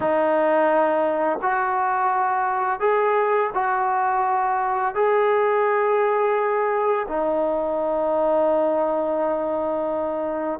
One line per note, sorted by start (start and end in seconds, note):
0.00 1.39 D#4
1.42 2.79 F#4
2.79 3.50 G#4
3.54 4.94 F#4
4.94 7.06 G#4
7.08 10.59 D#4